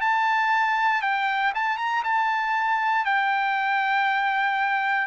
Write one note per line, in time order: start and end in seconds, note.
0.00 1.02 A5
1.02 1.53 G5
1.54 1.78 A5
1.78 2.03 A#5
2.03 3.05 A5
3.05 5.07 G5